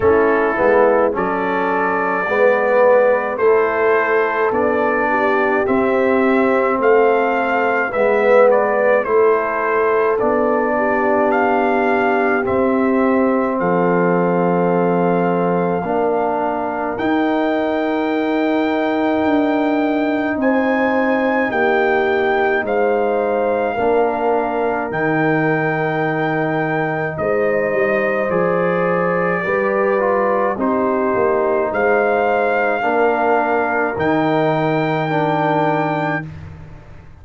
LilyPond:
<<
  \new Staff \with { instrumentName = "trumpet" } { \time 4/4 \tempo 4 = 53 a'4 d''2 c''4 | d''4 e''4 f''4 e''8 d''8 | c''4 d''4 f''4 e''4 | f''2. g''4~ |
g''2 gis''4 g''4 | f''2 g''2 | dis''4 d''2 c''4 | f''2 g''2 | }
  \new Staff \with { instrumentName = "horn" } { \time 4/4 e'4 a'4 b'4 a'4~ | a'8 g'4. a'4 b'4 | a'4. g'2~ g'8 | a'2 ais'2~ |
ais'2 c''4 g'4 | c''4 ais'2. | c''2 b'4 g'4 | c''4 ais'2. | }
  \new Staff \with { instrumentName = "trombone" } { \time 4/4 cis'8 b8 cis'4 b4 e'4 | d'4 c'2 b4 | e'4 d'2 c'4~ | c'2 d'4 dis'4~ |
dis'1~ | dis'4 d'4 dis'2~ | dis'4 gis'4 g'8 f'8 dis'4~ | dis'4 d'4 dis'4 d'4 | }
  \new Staff \with { instrumentName = "tuba" } { \time 4/4 a8 gis8 fis4 gis4 a4 | b4 c'4 a4 gis4 | a4 b2 c'4 | f2 ais4 dis'4~ |
dis'4 d'4 c'4 ais4 | gis4 ais4 dis2 | gis8 g8 f4 g4 c'8 ais8 | gis4 ais4 dis2 | }
>>